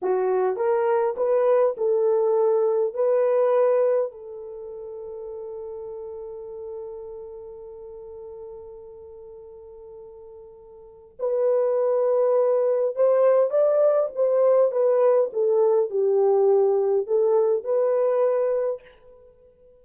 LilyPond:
\new Staff \with { instrumentName = "horn" } { \time 4/4 \tempo 4 = 102 fis'4 ais'4 b'4 a'4~ | a'4 b'2 a'4~ | a'1~ | a'1~ |
a'2. b'4~ | b'2 c''4 d''4 | c''4 b'4 a'4 g'4~ | g'4 a'4 b'2 | }